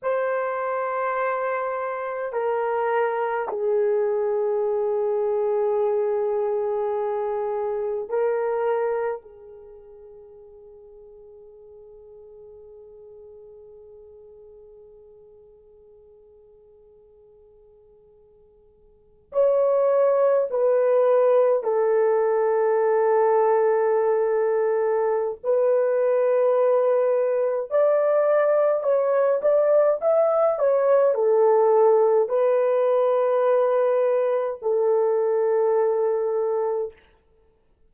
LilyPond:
\new Staff \with { instrumentName = "horn" } { \time 4/4 \tempo 4 = 52 c''2 ais'4 gis'4~ | gis'2. ais'4 | gis'1~ | gis'1~ |
gis'8. cis''4 b'4 a'4~ a'16~ | a'2 b'2 | d''4 cis''8 d''8 e''8 cis''8 a'4 | b'2 a'2 | }